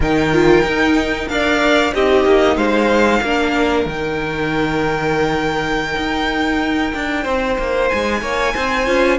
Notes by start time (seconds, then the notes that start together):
0.00 D#3 D#4 A#4 G5
0.32 F4
0.63 D#4
1.28 D4 A#4 D5 F5
1.94 C4 D#4 G4 D#5
2.25 A#3
2.56 G#3 C5 F5
3.22 A#3 D4 A#4
3.85 D#3 D#4 G5
5.96 D#4
6.94 D4
7.23 C4 C5
7.58 A#3
7.88 G#3 G#5
8.21 A#3 C#5
8.54 C4 C5
8.86 C#4 F4